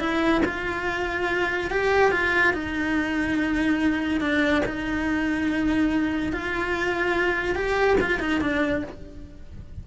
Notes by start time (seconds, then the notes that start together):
0.00 E4
0.45 F4
1.71 G4
2.12 F4
2.54 D#4
4.21 D4
4.65 D#4
6.33 F4
7.55 G4
8.01 F4
8.20 D#4
8.41 D4